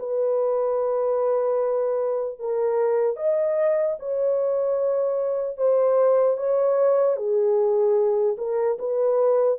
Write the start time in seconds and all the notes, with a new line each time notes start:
0.00 B4
2.40 A#4
3.17 D#5
4.00 C#5
5.58 C5
6.38 C#5
7.17 G#4
8.38 A#4
8.79 B4